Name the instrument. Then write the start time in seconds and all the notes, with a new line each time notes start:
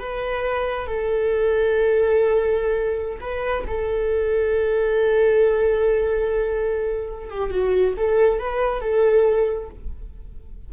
viola
0.00 B4
0.87 A4
3.21 B4
3.68 A4
7.30 G4
7.51 F#4
7.98 A4
8.39 B4
8.81 A4